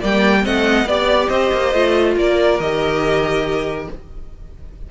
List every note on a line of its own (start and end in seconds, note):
0.00 0.46 G3
0.00 0.43 A#3
0.00 0.43 D5
0.00 0.46 G5
0.43 0.86 A3
0.43 0.86 C4
0.43 0.88 D#5
0.43 0.88 F#5
0.86 1.28 B3
0.86 1.74 G4
0.86 1.29 D5
1.29 1.51 C4
1.29 2.15 C5
1.29 2.15 D#5
1.52 1.74 A#3
1.74 2.16 A3
1.74 2.60 F4
2.16 2.59 A#3
2.16 3.91 A#4
2.16 2.61 D5
2.60 3.88 D#3
2.60 3.91 G4
2.60 3.89 D#5